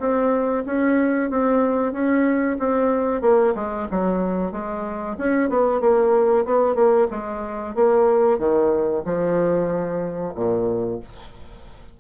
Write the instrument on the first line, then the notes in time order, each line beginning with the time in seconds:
bassoon
0.00 C4
0.66 C#4
1.30 C4
1.93 C#4
2.59 C4
3.22 A#3
3.55 G#3
3.91 F#3
4.52 G#3
5.18 C#4
5.50 B3
5.81 A#3
6.45 B3
6.75 A#3
7.11 G#3
7.75 A#3
8.39 D#3
9.05 F3
10.35 A#2